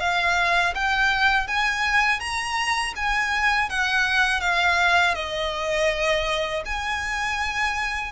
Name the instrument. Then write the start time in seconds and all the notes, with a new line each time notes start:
violin
0.00 F5
0.75 G5
1.47 G#5
2.20 A#5
2.96 G#5
3.70 F#5
4.41 F5
5.15 D#5
6.65 G#5